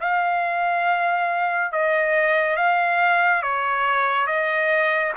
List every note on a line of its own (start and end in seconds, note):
0.00 1.71 F5
1.72 2.56 D#5
2.56 3.42 F5
3.42 4.26 C#5
4.26 5.12 D#5